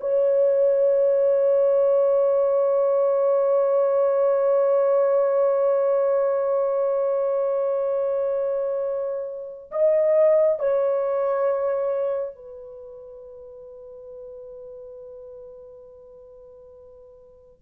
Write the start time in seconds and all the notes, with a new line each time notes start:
0.00 C#5
9.71 D#5
10.59 C#5
12.35 B4